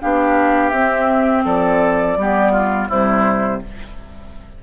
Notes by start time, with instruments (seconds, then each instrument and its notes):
0.00 bassoon B3, clarinet D4, oboe G4, flute F5
0.69 bassoon C4, clarinet C4, flute E5
1.44 bassoon F3, oboe A4, flute D5
2.16 bassoon G3, clarinet B3, oboe G4
2.51 oboe F4
2.89 bassoon C3, clarinet G3, oboe E4, flute C5